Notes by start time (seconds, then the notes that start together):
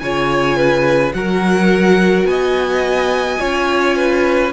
0.00 C#3 F4 C#5 G#5
0.57 B4
1.14 F#3 F#4 A#4 F#5
2.25 B3 D#5 G#5
3.39 C#4 F4 C#5
3.97 B4